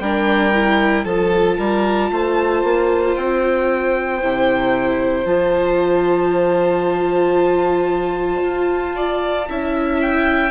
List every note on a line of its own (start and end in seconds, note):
0.00 1.05 G3
0.00 0.54 D4
0.00 1.05 A#4
0.00 1.05 G5
0.54 1.05 E4
1.05 1.57 F3
1.05 4.21 F4
1.05 1.58 A4
1.05 3.15 A5
1.58 2.11 G3
1.58 2.11 A#4
2.12 2.63 A3
2.12 8.96 C5
2.63 3.16 A#3
3.16 4.22 C4
3.16 5.27 G5
4.22 5.25 C3
4.22 5.25 E4
5.25 8.41 F3
5.25 9.46 F4
5.25 10.00 A5
8.43 9.48 F4
8.96 9.48 D5
9.49 10.51 C#4
9.49 10.51 E4
9.49 10.51 E5
10.02 10.51 G5